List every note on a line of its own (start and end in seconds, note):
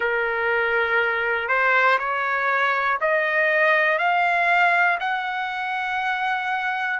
0.00 1.48 A#4
1.48 1.98 C5
1.99 2.99 C#5
3.00 3.98 D#5
3.98 4.98 F5
5.00 6.99 F#5